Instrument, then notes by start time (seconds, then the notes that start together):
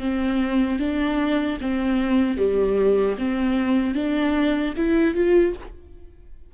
viola
0.00 C4
0.79 D4
1.61 C4
2.38 G3
3.18 C4
3.95 D4
4.77 E4
5.15 F4